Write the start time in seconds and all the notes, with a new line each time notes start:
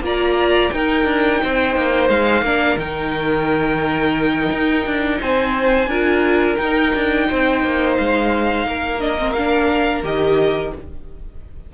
0.00 A#3 F4 D5 A#5
0.70 D#4 A#4 G5
1.05 D4
1.43 C4 C5
1.75 A#3
2.09 G#3 F5
2.42 A#3 D4 A#4
2.76 D#3 D#4 G5
4.52 D#4
4.86 D4
5.20 C4 C5 G#5
5.87 D4 F4 A#4
6.56 D#4 G5
6.94 D4
7.28 C4 C5
7.64 A#3
7.97 G#3 F5
8.65 A#3 A#4
8.99 D4 D#5
9.18 C4
9.32 D4 F5
10.03 D#3 G4 D#5